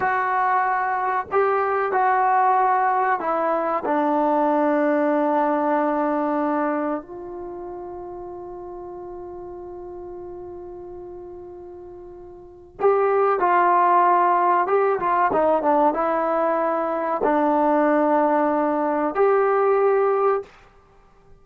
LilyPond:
\new Staff \with { instrumentName = "trombone" } { \time 4/4 \tempo 4 = 94 fis'2 g'4 fis'4~ | fis'4 e'4 d'2~ | d'2. f'4~ | f'1~ |
f'1 | g'4 f'2 g'8 f'8 | dis'8 d'8 e'2 d'4~ | d'2 g'2 | }